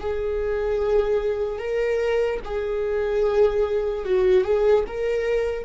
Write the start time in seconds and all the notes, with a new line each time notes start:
0.00 G#4
1.59 A#4
2.45 G#4
4.05 F#4
4.44 G#4
4.87 A#4